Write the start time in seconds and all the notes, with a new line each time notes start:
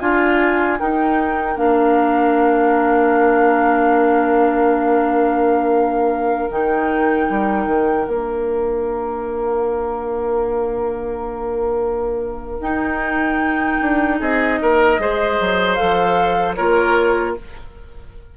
0.00 D4 F4 G#5
0.79 D#4 A#4 G5
1.55 A#3 D4 F5
6.50 D#3 D#4 G5
7.30 G3
7.66 D#3
8.08 A#3 D4 F5
12.60 D#4 G5
13.82 D4
14.20 C4 G#4 D#5
14.62 A#3 A#4
14.99 G#3 G#4 C5
15.40 F#3
15.75 A4 F5
15.82 F3
16.55 A#3 F4 A#4 C#5